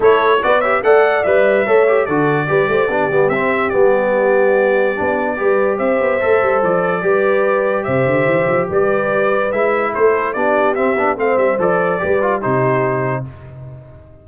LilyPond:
<<
  \new Staff \with { instrumentName = "trumpet" } { \time 4/4 \tempo 4 = 145 cis''4 d''8 e''8 fis''4 e''4~ | e''4 d''2. | e''4 d''2.~ | d''2 e''2 |
d''2. e''4~ | e''4 d''2 e''4 | c''4 d''4 e''4 f''8 e''8 | d''2 c''2 | }
  \new Staff \with { instrumentName = "horn" } { \time 4/4 a'4 b'8 cis''8 d''2 | cis''4 a'4 b'8 c''8 g'4~ | g'1~ | g'4 b'4 c''2~ |
c''4 b'2 c''4~ | c''4 b'2. | a'4 g'2 c''4~ | c''4 b'4 g'2 | }
  \new Staff \with { instrumentName = "trombone" } { \time 4/4 e'4 fis'8 g'8 a'4 b'4 | a'8 g'8 fis'4 g'4 d'8 b8 | c'4 b2. | d'4 g'2 a'4~ |
a'4 g'2.~ | g'2. e'4~ | e'4 d'4 c'8 d'8 c'4 | a'4 g'8 f'8 dis'2 | }
  \new Staff \with { instrumentName = "tuba" } { \time 4/4 a4 b4 a4 g4 | a4 d4 g8 a8 b8 g8 | c'4 g2. | b4 g4 c'8 b8 a8 g8 |
f4 g2 c8 d8 | e8 f8 g2 gis4 | a4 b4 c'8 b8 a8 g8 | f4 g4 c2 | }
>>